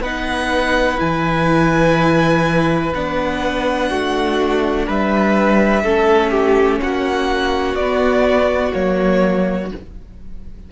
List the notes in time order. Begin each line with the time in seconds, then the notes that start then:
0.00 B3 D#4 B4 F#5
0.97 E3 E4 G#5
2.95 B3 D4 F#5
3.89 A3 F#4
4.86 G3 B4 E5
5.83 A3 C#4 A4
6.31 G4
6.81 A#3 F#4 F#5
7.75 B3 D5
8.72 F#3 A#3 C#5